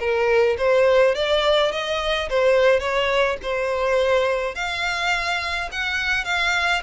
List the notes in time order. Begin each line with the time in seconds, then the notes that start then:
0.00 A#4
0.58 C5
1.16 D5
1.72 D#5
2.30 C5
2.80 C#5
3.43 C5
4.55 F5
5.72 F#5
6.25 F5